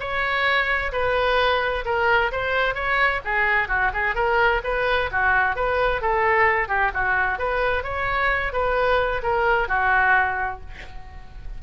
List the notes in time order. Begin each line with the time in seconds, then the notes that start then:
0.00 C#5
0.93 B4
1.86 A#4
2.32 C5
2.75 C#5
3.25 G#4
3.69 F#4
3.94 G#4
4.16 A#4
4.64 B4
5.12 F#4
5.56 B4
6.02 A4
6.69 G4
6.94 F#4
7.39 B4
7.84 C#5
8.53 B4
9.23 A#4
9.69 F#4